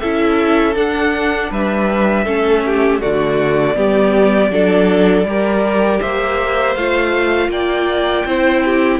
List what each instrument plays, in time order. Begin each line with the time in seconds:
0.00 cello C#4, viola E4, violin A4 E5
0.74 viola D4, cello D4, violin F#5
1.51 cello G3, violin B4 E5
2.24 cello A3, viola C#4, violin A4
2.66 violin G4
3.01 cello D3, viola A3, violin F#4 D5
3.75 cello G3, viola B3, violin G4
4.50 cello F#3, viola D4, violin A4
5.25 cello G3, viola G4, violin A#4
6.00 cello A#3, violin C5 E5
6.75 cello A3, viola F4, violin F5
7.49 cello A#3, violin D5 G5
8.25 cello C4, viola E4, violin C5
8.64 violin G4